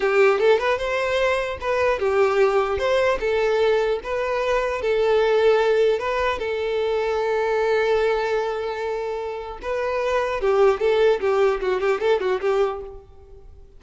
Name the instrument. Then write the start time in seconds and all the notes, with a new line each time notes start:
violin
0.00 G4
0.39 A4
0.59 B4
0.78 C5
1.60 B4
1.99 G4
2.78 C5
3.19 A4
4.03 B4
4.81 A4
5.99 B4
6.39 A4
9.62 B4
10.41 G4
10.79 A4
11.20 G4
11.60 F#4
11.80 G4
12.00 A4
12.20 F#4
12.41 G4